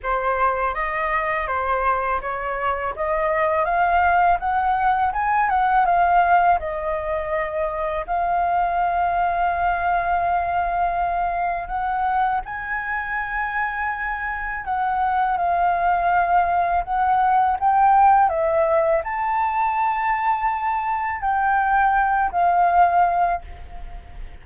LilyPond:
\new Staff \with { instrumentName = "flute" } { \time 4/4 \tempo 4 = 82 c''4 dis''4 c''4 cis''4 | dis''4 f''4 fis''4 gis''8 fis''8 | f''4 dis''2 f''4~ | f''1 |
fis''4 gis''2. | fis''4 f''2 fis''4 | g''4 e''4 a''2~ | a''4 g''4. f''4. | }